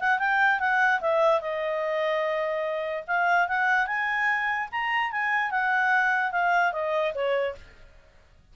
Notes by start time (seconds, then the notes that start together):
0.00 F#5
0.19 G5
0.60 F#5
1.01 E5
1.41 D#5
3.07 F5
3.49 F#5
3.87 G#5
4.72 A#5
5.12 G#5
5.51 F#5
6.32 F5
6.73 D#5
7.15 C#5